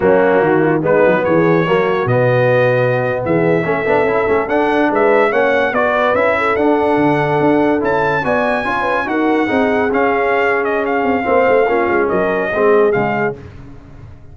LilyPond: <<
  \new Staff \with { instrumentName = "trumpet" } { \time 4/4 \tempo 4 = 144 fis'2 b'4 cis''4~ | cis''4 dis''2~ dis''8. e''16~ | e''2~ e''8. fis''4 e''16~ | e''8. fis''4 d''4 e''4 fis''16~ |
fis''2~ fis''8. a''4 gis''16~ | gis''4.~ gis''16 fis''2 f''16~ | f''4. dis''8 f''2~ | f''4 dis''2 f''4 | }
  \new Staff \with { instrumentName = "horn" } { \time 4/4 cis'4 fis'8 f'8 dis'4 gis'4 | fis'2.~ fis'8. gis'16~ | gis'8. a'2. b'16~ | b'8. cis''4 b'4. a'8.~ |
a'2.~ a'8. d''16~ | d''8. cis''8 b'8 ais'4 gis'4~ gis'16~ | gis'2. c''4 | f'4 ais'4 gis'2 | }
  \new Staff \with { instrumentName = "trombone" } { \time 4/4 ais2 b2 | ais4 b2.~ | b8. cis'8 d'8 e'8 cis'8 d'4~ d'16~ | d'8. cis'4 fis'4 e'4 d'16~ |
d'2~ d'8. e'4 fis'16~ | fis'8. f'4 fis'4 dis'4 cis'16~ | cis'2. c'4 | cis'2 c'4 gis4 | }
  \new Staff \with { instrumentName = "tuba" } { \time 4/4 fis4 dis4 gis8 fis8 e4 | fis4 b,2~ b,8. e16~ | e8. a8 b8 cis'8 a8 d'4 gis16~ | gis8. ais4 b4 cis'4 d'16~ |
d'8. d4 d'4 cis'4 b16~ | b8. cis'4 dis'4 c'4 cis'16~ | cis'2~ cis'8 c'8 ais8 a8 | ais8 gis8 fis4 gis4 cis4 | }
>>